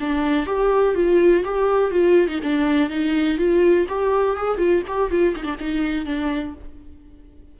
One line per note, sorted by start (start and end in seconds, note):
0.00 0.46 D4
0.46 0.95 G4
0.95 1.44 F4
1.44 1.91 G4
1.91 2.27 F4
2.28 2.40 D#4
2.43 2.90 D4
2.90 3.37 D#4
3.37 3.86 F4
3.88 4.36 G4
4.36 4.57 G#4
4.57 4.82 F4
4.87 5.10 G4
5.10 5.35 F4
5.35 5.43 D#4
5.43 5.56 D4
5.59 6.05 D#4
6.05 6.54 D4